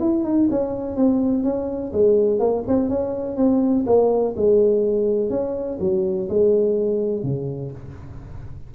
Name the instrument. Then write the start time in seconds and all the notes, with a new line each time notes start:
tuba
0.00 E4
0.24 D#4
0.50 C#4
0.96 C4
1.44 C#4
1.93 G#3
2.39 A#3
2.68 C4
2.89 C#4
3.37 C4
3.87 A#3
4.36 G#3
5.30 C#4
5.80 F#3
6.29 G#3
7.23 C#3